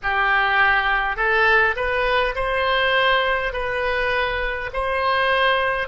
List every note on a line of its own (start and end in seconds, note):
0.02 1.16 G4
1.16 1.75 A4
1.75 2.34 B4
2.35 3.52 C5
3.52 4.70 B4
4.73 5.88 C5